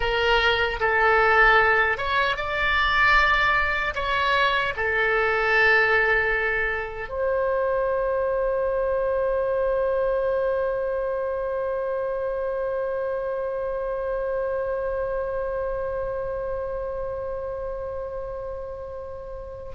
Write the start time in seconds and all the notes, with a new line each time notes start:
0.00 A#4
0.80 A4
1.97 C#5
2.36 D5
3.94 C#5
4.76 A4
7.08 C5